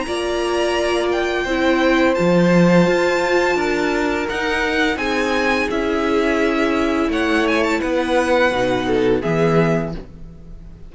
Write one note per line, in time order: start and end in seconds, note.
0.00 1.06 A#5
0.07 1.46 A#3
0.07 1.48 F4
0.07 1.44 D5
1.12 2.15 G5
1.44 2.16 C4
1.44 2.15 E4
1.44 3.56 C5
2.15 2.87 F3
2.15 4.27 F4
2.15 4.26 A5
2.87 3.55 F4
3.55 4.26 D4
3.55 4.97 A#4
4.29 5.71 D#4
4.29 4.96 D#4
4.29 4.98 F#5
4.96 5.67 C4
4.96 7.11 G#4
4.96 5.68 G#5
5.70 7.09 C#4
5.70 8.53 E4
5.70 7.11 E5
7.09 7.79 A3
7.09 7.80 C#5
7.09 7.47 F#5
7.48 7.63 G#5
7.63 7.81 A5
7.80 8.51 B3
7.80 8.86 B4
7.80 9.22 F#5
8.51 9.22 B2
8.51 9.22 D#4
8.87 9.21 A4
9.21 9.95 E3
9.21 9.92 B3
9.21 9.92 G#4
9.21 9.93 E5